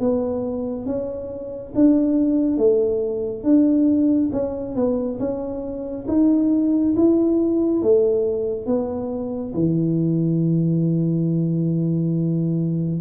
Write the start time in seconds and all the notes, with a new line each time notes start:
0.00 B3
0.86 C#4
1.75 D4
2.57 A3
3.43 D4
4.32 C#4
4.75 B3
5.19 C#4
6.08 D#4
6.96 E4
7.82 A3
8.66 B3
9.54 E3